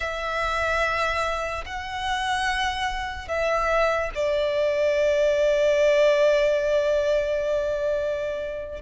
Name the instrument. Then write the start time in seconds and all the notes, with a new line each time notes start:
violin
0.00 E5
1.65 F#5
3.28 E5
4.14 D5